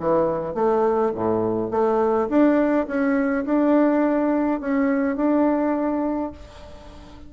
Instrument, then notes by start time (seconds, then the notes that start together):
bassoon
0.00 E3
0.55 A3
1.15 A2
1.71 A3
2.30 D4
2.88 C#4
3.46 D4
4.61 C#4
5.17 D4